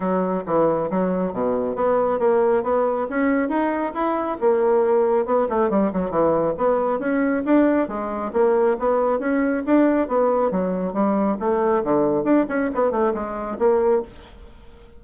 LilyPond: \new Staff \with { instrumentName = "bassoon" } { \time 4/4 \tempo 4 = 137 fis4 e4 fis4 b,4 | b4 ais4 b4 cis'4 | dis'4 e'4 ais2 | b8 a8 g8 fis8 e4 b4 |
cis'4 d'4 gis4 ais4 | b4 cis'4 d'4 b4 | fis4 g4 a4 d4 | d'8 cis'8 b8 a8 gis4 ais4 | }